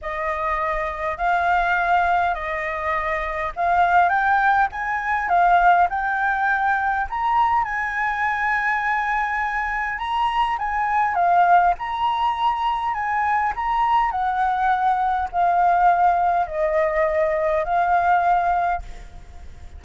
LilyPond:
\new Staff \with { instrumentName = "flute" } { \time 4/4 \tempo 4 = 102 dis''2 f''2 | dis''2 f''4 g''4 | gis''4 f''4 g''2 | ais''4 gis''2.~ |
gis''4 ais''4 gis''4 f''4 | ais''2 gis''4 ais''4 | fis''2 f''2 | dis''2 f''2 | }